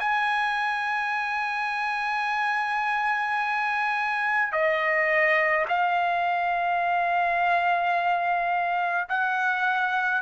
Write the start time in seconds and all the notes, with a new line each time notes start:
0.00 G#5
4.53 D#5
5.69 F5
9.09 F#5